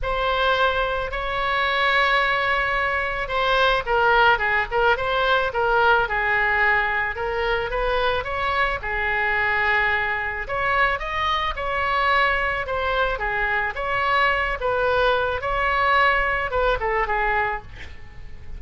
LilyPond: \new Staff \with { instrumentName = "oboe" } { \time 4/4 \tempo 4 = 109 c''2 cis''2~ | cis''2 c''4 ais'4 | gis'8 ais'8 c''4 ais'4 gis'4~ | gis'4 ais'4 b'4 cis''4 |
gis'2. cis''4 | dis''4 cis''2 c''4 | gis'4 cis''4. b'4. | cis''2 b'8 a'8 gis'4 | }